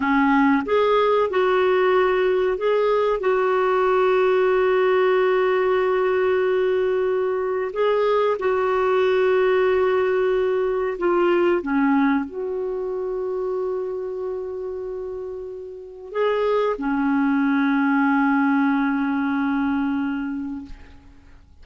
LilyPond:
\new Staff \with { instrumentName = "clarinet" } { \time 4/4 \tempo 4 = 93 cis'4 gis'4 fis'2 | gis'4 fis'2.~ | fis'1 | gis'4 fis'2.~ |
fis'4 f'4 cis'4 fis'4~ | fis'1~ | fis'4 gis'4 cis'2~ | cis'1 | }